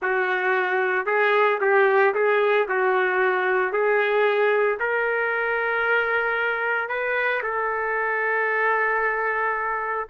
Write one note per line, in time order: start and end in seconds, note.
0.02 1.06 F#4
1.06 1.59 G#4
1.60 2.14 G4
2.14 2.67 G#4
2.68 3.72 F#4
3.72 4.78 G#4
4.79 6.88 A#4
6.88 7.41 B4
7.42 10.08 A4